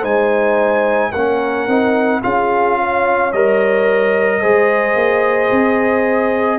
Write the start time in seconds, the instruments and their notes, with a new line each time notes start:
0.00 tuba G#3, trombone D#4, horn C5, trumpet G#5
1.10 tuba A#3, trombone C#4, horn A#4, trumpet F#5
1.67 tuba C4, trombone D#4
2.22 tuba C#4, trombone F4, horn G#4, trumpet F5
2.79 horn C#5
3.32 tuba G3, trombone A#4, trumpet D#5
4.40 tuba G#3, trombone G#4, horn C5
4.95 tuba A#3
5.51 tuba C4